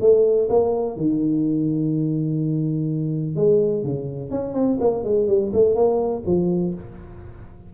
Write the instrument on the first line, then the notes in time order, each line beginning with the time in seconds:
tuba
0.00 A3
0.49 A#3
0.96 D#3
3.36 G#3
3.83 C#3
4.30 C#4
4.53 C4
4.80 A#3
5.04 G#3
5.27 G3
5.53 A3
5.75 A#3
6.25 F3